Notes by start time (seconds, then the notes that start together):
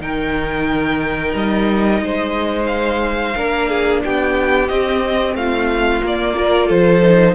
0.00 D#3 D#4 A#4 G5
1.34 G3 D#5
2.01 G#3 C5
2.66 F5
3.35 A#3 D4 A#4
3.69 G#4
4.03 B3 G4 G5
4.68 C4 D#5
5.34 A3 F4 F5
6.01 A#3 D5
6.34 F4 A#4
6.67 F3 A4 C5
7.02 D#4